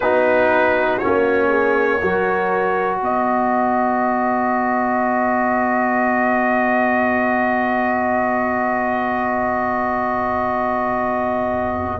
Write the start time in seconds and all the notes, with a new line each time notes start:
0.00 B3 D#4 F#4 B4
0.98 C#4 C#5
1.04 A#3
1.48 G#4
2.00 F#3 F#4 A#4
3.00 B3 B4 D#5